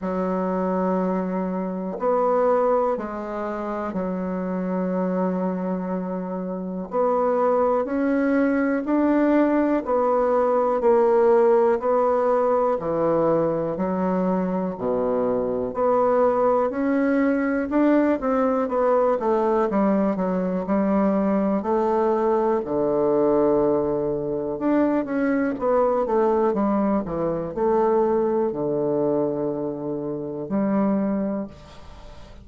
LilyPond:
\new Staff \with { instrumentName = "bassoon" } { \time 4/4 \tempo 4 = 61 fis2 b4 gis4 | fis2. b4 | cis'4 d'4 b4 ais4 | b4 e4 fis4 b,4 |
b4 cis'4 d'8 c'8 b8 a8 | g8 fis8 g4 a4 d4~ | d4 d'8 cis'8 b8 a8 g8 e8 | a4 d2 g4 | }